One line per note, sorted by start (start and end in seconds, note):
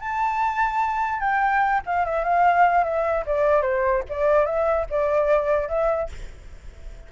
0.00 1.20 A5
1.20 1.81 G5
1.86 2.06 F5
2.06 2.24 E5
2.24 2.84 F5
2.84 3.25 E5
3.26 3.62 D5
3.62 4.03 C5
4.09 4.46 D5
4.46 4.86 E5
4.90 5.69 D5
5.69 6.09 E5